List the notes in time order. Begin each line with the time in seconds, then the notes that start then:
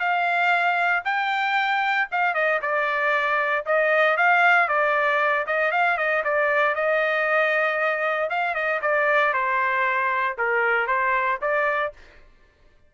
0.00 F5
1.05 G5
2.11 F5
2.34 D#5
2.62 D5
3.66 D#5
4.17 F5
4.68 D5
5.47 D#5
5.72 F5
5.97 D#5
6.24 D5
6.75 D#5
8.30 F5
8.55 D#5
8.82 D5
9.33 C5
10.38 A#4
10.87 C5
11.41 D5